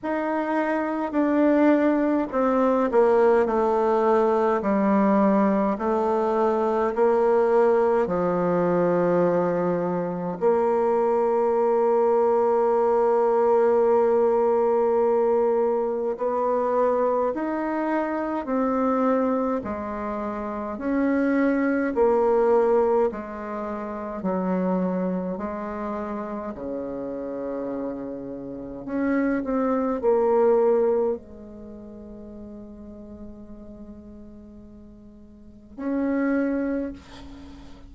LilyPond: \new Staff \with { instrumentName = "bassoon" } { \time 4/4 \tempo 4 = 52 dis'4 d'4 c'8 ais8 a4 | g4 a4 ais4 f4~ | f4 ais2.~ | ais2 b4 dis'4 |
c'4 gis4 cis'4 ais4 | gis4 fis4 gis4 cis4~ | cis4 cis'8 c'8 ais4 gis4~ | gis2. cis'4 | }